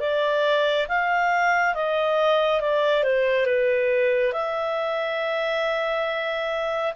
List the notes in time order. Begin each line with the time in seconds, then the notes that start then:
0.00 D5
0.88 F5
1.74 D#5
2.60 D5
3.03 C5
3.46 B4
4.32 E5